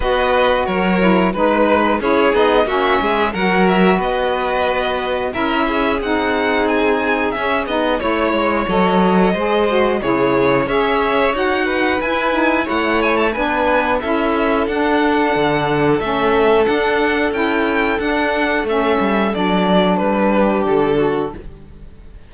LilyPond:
<<
  \new Staff \with { instrumentName = "violin" } { \time 4/4 \tempo 4 = 90 dis''4 cis''4 b'4 cis''8 dis''8 | e''4 fis''8 e''8 dis''2 | e''4 fis''4 gis''4 e''8 dis''8 | cis''4 dis''2 cis''4 |
e''4 fis''4 gis''4 fis''8 gis''16 a''16 | gis''4 e''4 fis''2 | e''4 fis''4 g''4 fis''4 | e''4 d''4 b'4 a'4 | }
  \new Staff \with { instrumentName = "violin" } { \time 4/4 b'4 ais'4 b'4 gis'4 | fis'8 gis'8 ais'4 b'2 | ais'8 gis'2.~ gis'8 | cis''2 c''4 gis'4 |
cis''4. b'4. cis''4 | b'4 a'2.~ | a'1~ | a'2~ a'8 g'4 fis'8 | }
  \new Staff \with { instrumentName = "saxophone" } { \time 4/4 fis'4. e'8 dis'4 e'8 dis'8 | cis'4 fis'2. | e'4 dis'2 cis'8 dis'8 | e'4 a'4 gis'8 fis'8 e'4 |
gis'4 fis'4 e'8 dis'8 e'4 | d'4 e'4 d'2 | cis'4 d'4 e'4 d'4 | cis'4 d'2. | }
  \new Staff \with { instrumentName = "cello" } { \time 4/4 b4 fis4 gis4 cis'8 b8 | ais8 gis8 fis4 b2 | cis'4 c'2 cis'8 b8 | a8 gis8 fis4 gis4 cis4 |
cis'4 dis'4 e'4 a4 | b4 cis'4 d'4 d4 | a4 d'4 cis'4 d'4 | a8 g8 fis4 g4 d4 | }
>>